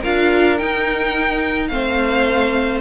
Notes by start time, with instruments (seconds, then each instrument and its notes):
0.00 cello D4, viola F4, violin A#4 F5
0.57 viola D#4, cello D#4, violin G5
1.68 cello A3, viola C4, violin C5 F5